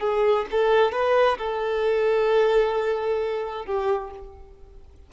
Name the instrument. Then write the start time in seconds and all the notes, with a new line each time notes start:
violin
0.00 G#4
0.51 A4
0.92 B4
1.38 A4
3.66 G4